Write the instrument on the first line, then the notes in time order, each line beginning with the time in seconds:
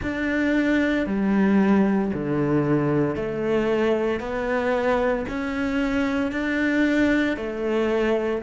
cello
0.02 D4
1.06 G3
2.13 D3
3.15 A3
4.20 B3
5.28 C#4
6.32 D4
7.36 A3